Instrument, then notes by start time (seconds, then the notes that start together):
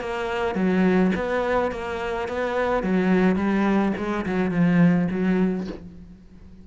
cello
0.00 A#3
0.55 F#3
1.15 B3
1.71 A#3
2.28 B3
2.83 F#3
3.36 G3
3.97 G#3
4.26 F#3
4.51 F3
5.10 F#3